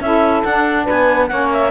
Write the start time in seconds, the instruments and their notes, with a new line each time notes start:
0.00 cello C#4, saxophone E4 A4, clarinet E5
0.44 cello D4, saxophone D4, clarinet F#5
0.83 saxophone B4
0.89 cello B3, clarinet G#5
1.27 cello A#3, saxophone C#4 C#5, clarinet F#5
1.52 clarinet E5